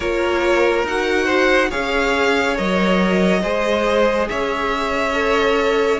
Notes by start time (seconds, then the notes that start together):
0.00 A#3 F4 A#4 C#5
0.83 D#4 F#4 F#5
1.25 C5
1.70 C#4 G#4 C#5 F5
2.56 F#3 A#4 D#5
3.42 G#3 G#4 C5
4.28 C#4 C#5 E5
5.13 A4